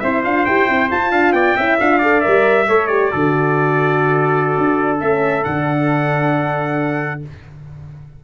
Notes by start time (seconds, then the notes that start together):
0.00 C4 E4 C5 E5
0.25 D4 F4 F5
0.46 E4 G4 G5
0.68 C4 E4
0.92 F4 A5
1.12 D4 F5
1.33 B3 D5 G5
1.57 C#4 E4 E5
1.80 D4 F4 F5
1.99 A4 D5
2.21 A#4 E5
2.27 G3
2.69 A3 A4 C#5
2.88 G4 D5
3.11 D3 F#4 A4
4.58 D4
5.01 A3 C#4 E5
5.44 D3 D4 F#5